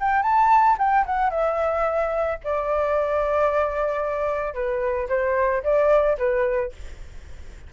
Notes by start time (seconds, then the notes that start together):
0.00 G5
0.23 A5
0.78 G5
1.06 F#5
1.30 E5
2.44 D5
4.54 B4
5.09 C5
5.63 D5
6.18 B4